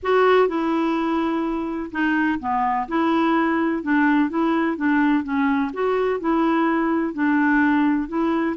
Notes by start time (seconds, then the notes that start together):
0.02 F#4
0.48 E4
1.91 D#4
2.39 B3
2.87 E4
3.82 D4
4.29 E4
4.76 D4
5.23 C#4
5.73 F#4
6.19 E4
7.13 D4
8.08 E4